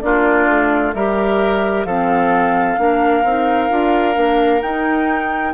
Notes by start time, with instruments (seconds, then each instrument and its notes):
0.00 bassoon A#3, clarinet D4, oboe F4, flute D5
0.47 bassoon A3
0.93 bassoon G3, clarinet G4, oboe A#4, flute E5
1.84 bassoon F3, clarinet C4, oboe A4, flute F5
2.77 bassoon A#3, clarinet D4, oboe A#4
3.23 bassoon C4, clarinet D#4
3.69 bassoon D4, clarinet F4
4.13 bassoon A#3, clarinet D4
4.61 bassoon D#4, clarinet D#4, flute G5